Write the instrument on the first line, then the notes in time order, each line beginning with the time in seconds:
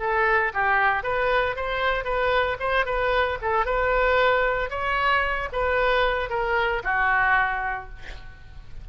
oboe
0.00 A4
0.54 G4
1.04 B4
1.56 C5
2.05 B4
2.60 C5
2.86 B4
3.42 A4
3.66 B4
4.70 C#5
5.53 B4
6.30 A#4
6.84 F#4